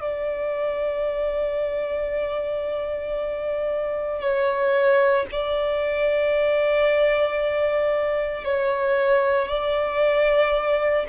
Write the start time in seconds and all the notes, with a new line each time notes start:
0.00 D5
4.20 C#5
5.31 D5
8.44 C#5
9.47 D5